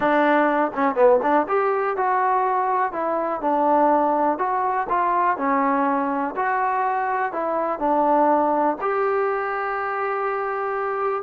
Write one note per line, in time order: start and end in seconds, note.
0.00 0.71 D4
0.74 0.95 C#4
0.95 1.19 B3
1.22 1.46 D4
1.48 1.96 G4
1.96 2.92 F#4
2.92 3.41 E4
3.41 4.38 D4
4.38 4.87 F#4
4.89 5.37 F4
5.37 6.34 C#4
6.35 7.32 F#4
7.32 7.79 E4
7.79 8.76 D4
8.81 11.22 G4